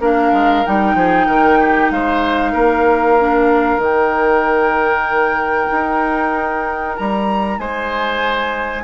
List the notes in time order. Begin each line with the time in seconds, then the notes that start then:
0.00 A#3 D4 A#4 F5
0.32 G#3
0.65 G3 D#4 G5
0.94 F3 G#4
1.26 D#3 A#4
1.60 G4
1.90 G#3 C5 F5
2.52 A#3 A#4
3.19 D4
3.77 D#3 D#4 G5
5.71 D#4
6.96 G3 A#5
7.58 G#3 C5 G#5